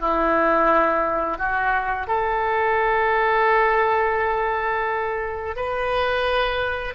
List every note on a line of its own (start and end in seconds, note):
0.00 1.38 E4
1.38 2.07 F#4
2.07 5.56 A4
5.56 6.95 B4